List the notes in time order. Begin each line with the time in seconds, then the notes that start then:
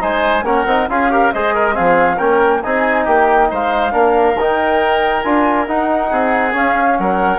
0.00 G#3 D#4 C5 G#5
0.43 A#3 C#4 A#4 F#5
0.66 C4 D#4
0.88 C#4 F4 G#4 F5
1.10 G4 A#4
1.32 G#3 G#4 C5 D#5
1.54 A#4
1.73 F3 C4 G#4 F5
2.16 A#3 C#4 A#4 G5
2.63 C4 D#4 G#4 G#5
3.04 A#3 G4 G5
3.50 G#3 C5 F5
3.92 A#3 D4 A#4
4.34 D#3 D#4
4.41 G5
5.22 D4 F4 G#5
5.67 D#4 F#5
6.11 C4 G#4
6.52 C#4 F5
6.98 F#3 A#4 F#5